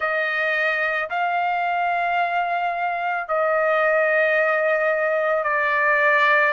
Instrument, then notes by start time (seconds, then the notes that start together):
trumpet
0.00 D#5
1.10 F5
3.28 D#5
5.43 D5